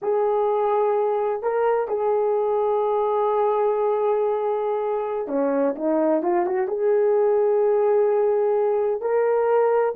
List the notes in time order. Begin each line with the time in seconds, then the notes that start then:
0.02 G#4
1.42 A#4
1.87 G#4
5.27 C#4
5.75 D#4
6.22 F4
6.46 F#4
6.67 G#4
9.01 A#4